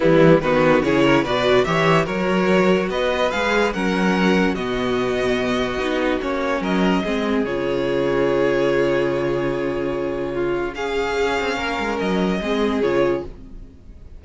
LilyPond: <<
  \new Staff \with { instrumentName = "violin" } { \time 4/4 \tempo 4 = 145 e'4 b'4 cis''4 d''4 | e''4 cis''2 dis''4 | f''4 fis''2 dis''4~ | dis''2. cis''4 |
dis''2 cis''2~ | cis''1~ | cis''2 f''2~ | f''4 dis''2 cis''4 | }
  \new Staff \with { instrumentName = "violin" } { \time 4/4 b4 fis'4 gis'8 ais'8 b'4 | cis''4 ais'2 b'4~ | b'4 ais'2 fis'4~ | fis'1 |
ais'4 gis'2.~ | gis'1~ | gis'4 f'4 gis'2 | ais'2 gis'2 | }
  \new Staff \with { instrumentName = "viola" } { \time 4/4 g4 b4 e'4 fis'4 | g'4 fis'2. | gis'4 cis'2 b4~ | b2 dis'4 cis'4~ |
cis'4 c'4 f'2~ | f'1~ | f'2 cis'2~ | cis'2 c'4 f'4 | }
  \new Staff \with { instrumentName = "cello" } { \time 4/4 e4 dis4 cis4 b,4 | e4 fis2 b4 | gis4 fis2 b,4~ | b,2 b4 ais4 |
fis4 gis4 cis2~ | cis1~ | cis2. cis'8 c'8 | ais8 gis8 fis4 gis4 cis4 | }
>>